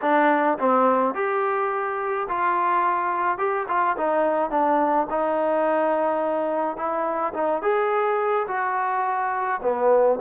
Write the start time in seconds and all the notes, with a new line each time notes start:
0.01 D4
0.58 C4
1.14 G4
2.28 F4
3.38 G4
3.68 F4
3.97 D#4
4.50 D4
5.09 D#4
6.76 E4
7.33 D#4
7.62 G#4
8.47 F#4
9.62 B3